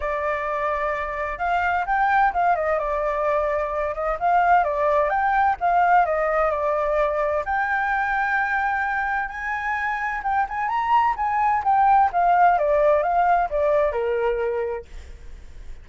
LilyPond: \new Staff \with { instrumentName = "flute" } { \time 4/4 \tempo 4 = 129 d''2. f''4 | g''4 f''8 dis''8 d''2~ | d''8 dis''8 f''4 d''4 g''4 | f''4 dis''4 d''2 |
g''1 | gis''2 g''8 gis''8 ais''4 | gis''4 g''4 f''4 d''4 | f''4 d''4 ais'2 | }